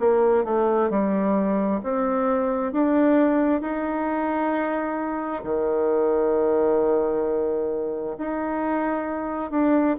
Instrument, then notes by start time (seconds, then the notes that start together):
bassoon
0.00 A#3
0.45 A3
0.90 G3
1.83 C4
2.73 D4
3.62 D#4
5.44 D#3
8.18 D#4
9.51 D4